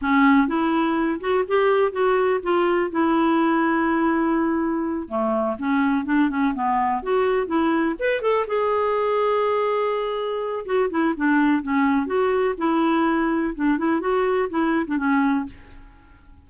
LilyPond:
\new Staff \with { instrumentName = "clarinet" } { \time 4/4 \tempo 4 = 124 cis'4 e'4. fis'8 g'4 | fis'4 f'4 e'2~ | e'2~ e'8 a4 cis'8~ | cis'8 d'8 cis'8 b4 fis'4 e'8~ |
e'8 b'8 a'8 gis'2~ gis'8~ | gis'2 fis'8 e'8 d'4 | cis'4 fis'4 e'2 | d'8 e'8 fis'4 e'8. d'16 cis'4 | }